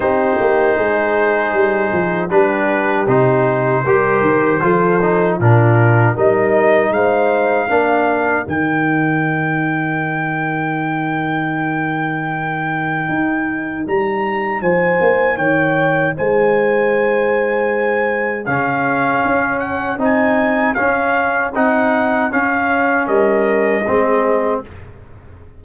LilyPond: <<
  \new Staff \with { instrumentName = "trumpet" } { \time 4/4 \tempo 4 = 78 c''2. b'4 | c''2. ais'4 | dis''4 f''2 g''4~ | g''1~ |
g''2 ais''4 gis''4 | g''4 gis''2. | f''4. fis''8 gis''4 f''4 | fis''4 f''4 dis''2 | }
  \new Staff \with { instrumentName = "horn" } { \time 4/4 g'4 gis'2 g'4~ | g'4 ais'4 a'4 f'4 | ais'4 c''4 ais'2~ | ais'1~ |
ais'2. c''4 | cis''4 c''2. | gis'1~ | gis'2 ais'4 gis'4 | }
  \new Staff \with { instrumentName = "trombone" } { \time 4/4 dis'2. d'4 | dis'4 g'4 f'8 dis'8 d'4 | dis'2 d'4 dis'4~ | dis'1~ |
dis'1~ | dis'1 | cis'2 dis'4 cis'4 | dis'4 cis'2 c'4 | }
  \new Staff \with { instrumentName = "tuba" } { \time 4/4 c'8 ais8 gis4 g8 f8 g4 | c4 g8 dis8 f4 ais,4 | g4 gis4 ais4 dis4~ | dis1~ |
dis4 dis'4 g4 f8 ais8 | dis4 gis2. | cis4 cis'4 c'4 cis'4 | c'4 cis'4 g4 gis4 | }
>>